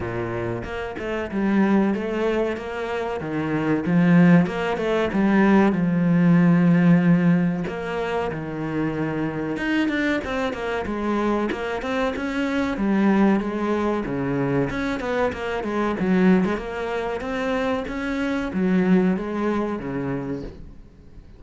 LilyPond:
\new Staff \with { instrumentName = "cello" } { \time 4/4 \tempo 4 = 94 ais,4 ais8 a8 g4 a4 | ais4 dis4 f4 ais8 a8 | g4 f2. | ais4 dis2 dis'8 d'8 |
c'8 ais8 gis4 ais8 c'8 cis'4 | g4 gis4 cis4 cis'8 b8 | ais8 gis8 fis8. gis16 ais4 c'4 | cis'4 fis4 gis4 cis4 | }